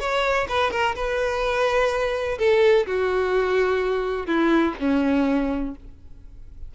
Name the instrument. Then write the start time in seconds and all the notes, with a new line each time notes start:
violin
0.00 C#5
0.49 B4
0.71 A#4
0.95 B4
2.39 A4
2.87 F#4
4.27 E4
4.80 C#4